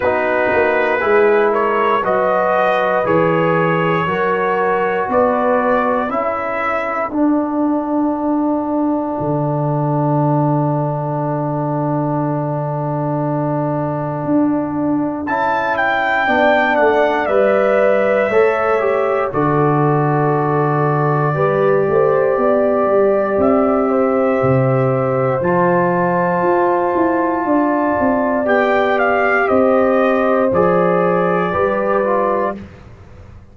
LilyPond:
<<
  \new Staff \with { instrumentName = "trumpet" } { \time 4/4 \tempo 4 = 59 b'4. cis''8 dis''4 cis''4~ | cis''4 d''4 e''4 fis''4~ | fis''1~ | fis''2. a''8 g''8~ |
g''8 fis''8 e''2 d''4~ | d''2. e''4~ | e''4 a''2. | g''8 f''8 dis''4 d''2 | }
  \new Staff \with { instrumentName = "horn" } { \time 4/4 fis'4 gis'8 ais'8 b'2 | ais'4 b'4 a'2~ | a'1~ | a'1 |
d''2 cis''4 a'4~ | a'4 b'8 c''8 d''4. c''8~ | c''2. d''4~ | d''4 c''2 b'4 | }
  \new Staff \with { instrumentName = "trombone" } { \time 4/4 dis'4 e'4 fis'4 gis'4 | fis'2 e'4 d'4~ | d'1~ | d'2. e'4 |
d'4 b'4 a'8 g'8 fis'4~ | fis'4 g'2.~ | g'4 f'2. | g'2 gis'4 g'8 f'8 | }
  \new Staff \with { instrumentName = "tuba" } { \time 4/4 b8 ais8 gis4 fis4 e4 | fis4 b4 cis'4 d'4~ | d'4 d2.~ | d2 d'4 cis'4 |
b8 a8 g4 a4 d4~ | d4 g8 a8 b8 g8 c'4 | c4 f4 f'8 e'8 d'8 c'8 | b4 c'4 f4 g4 | }
>>